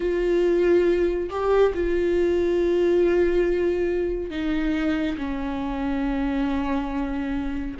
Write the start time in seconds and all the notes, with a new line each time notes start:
0.00 F4
1.29 G4
1.74 F4
4.30 D#4
5.17 C#4